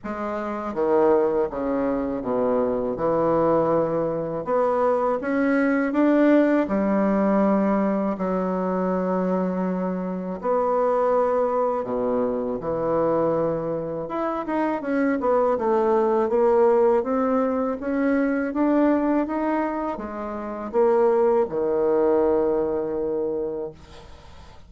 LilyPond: \new Staff \with { instrumentName = "bassoon" } { \time 4/4 \tempo 4 = 81 gis4 dis4 cis4 b,4 | e2 b4 cis'4 | d'4 g2 fis4~ | fis2 b2 |
b,4 e2 e'8 dis'8 | cis'8 b8 a4 ais4 c'4 | cis'4 d'4 dis'4 gis4 | ais4 dis2. | }